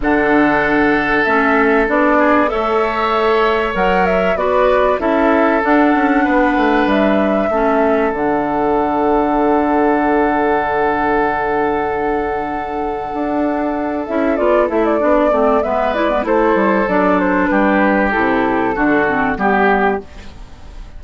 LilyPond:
<<
  \new Staff \with { instrumentName = "flute" } { \time 4/4 \tempo 4 = 96 fis''2 e''4 d''4 | e''2 fis''8 e''8 d''4 | e''4 fis''2 e''4~ | e''4 fis''2.~ |
fis''1~ | fis''2~ fis''8 e''8 d''8 e''16 d''16~ | d''4 e''8 d''8 c''4 d''8 c''8 | b'4 a'2 g'4 | }
  \new Staff \with { instrumentName = "oboe" } { \time 4/4 a'2.~ a'8 gis'8 | cis''2. b'4 | a'2 b'2 | a'1~ |
a'1~ | a'1~ | a'4 b'4 a'2 | g'2 fis'4 g'4 | }
  \new Staff \with { instrumentName = "clarinet" } { \time 4/4 d'2 cis'4 d'4 | a'2 ais'4 fis'4 | e'4 d'2. | cis'4 d'2.~ |
d'1~ | d'2~ d'8 e'8 f'8 e'8 | d'8 c'8 b8 e'16 b16 e'4 d'4~ | d'4 e'4 d'8 c'8 b4 | }
  \new Staff \with { instrumentName = "bassoon" } { \time 4/4 d2 a4 b4 | a2 fis4 b4 | cis'4 d'8 cis'8 b8 a8 g4 | a4 d2.~ |
d1~ | d4 d'4. cis'8 b8 a8 | b8 a8 gis4 a8 g8 fis4 | g4 c4 d4 g4 | }
>>